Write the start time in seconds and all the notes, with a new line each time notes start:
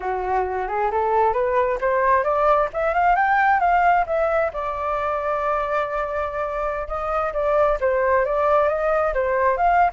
0.00 F#4
0.68 G#4
0.91 A4
1.33 B4
1.80 C5
2.23 D5
2.73 E5
2.94 F5
3.15 G5
3.59 F5
4.06 E5
4.53 D5
6.87 D#5
7.33 D5
7.80 C5
8.25 D5
8.68 D#5
9.14 C5
9.57 F5